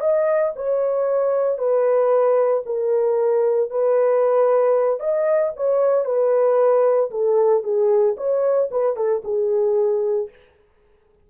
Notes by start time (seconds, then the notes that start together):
0.00 D#5
0.56 C#5
1.58 B4
2.66 A#4
3.70 B4
5.00 D#5
5.56 C#5
6.05 B4
7.11 A4
7.63 G#4
8.17 C#5
8.71 B4
8.96 A4
9.24 G#4